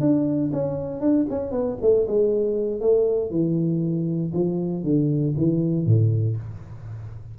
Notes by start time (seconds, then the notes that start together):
0.00 D4
0.52 C#4
1.01 D4
1.29 C#4
1.51 B3
1.81 A3
2.07 G#3
2.80 A3
3.30 E3
4.33 F3
4.83 D3
5.37 E3
5.85 A2